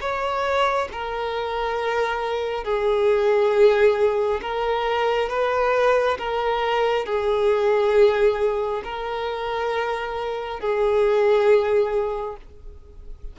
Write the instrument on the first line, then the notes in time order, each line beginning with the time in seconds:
violin
0.00 C#5
0.92 A#4
2.64 G#4
4.42 A#4
5.29 B4
6.18 A#4
7.05 G#4
8.84 A#4
10.60 G#4